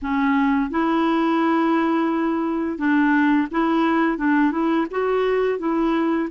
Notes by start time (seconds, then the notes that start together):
0.02 C#4
0.70 E4
2.77 D4
3.51 E4
4.17 D4
4.51 E4
4.90 F#4
5.58 E4